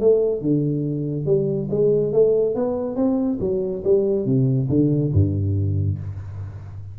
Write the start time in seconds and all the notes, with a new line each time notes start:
0.00 A3
0.41 D3
1.26 G3
1.70 G#3
2.12 A3
2.55 B3
2.96 C4
3.40 F#3
3.84 G3
4.25 C3
4.69 D3
5.13 G2